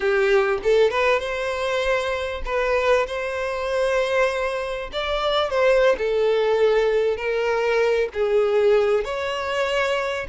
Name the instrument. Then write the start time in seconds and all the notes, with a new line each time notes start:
violin
0.00 G4
0.63 A4
0.90 B4
1.19 C5
2.45 B4
3.06 C5
4.92 D5
5.50 C5
5.98 A4
7.16 A#4
8.13 G#4
9.04 C#5